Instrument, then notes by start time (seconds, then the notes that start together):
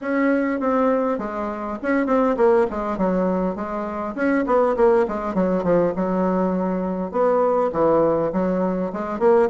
bassoon
0.01 C#4
0.60 C4
1.18 G#3
1.82 C#4
2.06 C4
2.36 A#3
2.70 G#3
2.97 F#3
3.55 G#3
4.15 C#4
4.46 B3
4.76 A#3
5.08 G#3
5.34 F#3
5.63 F3
5.96 F#3
7.11 B3
7.72 E3
8.32 F#3
8.92 G#3
9.19 A#3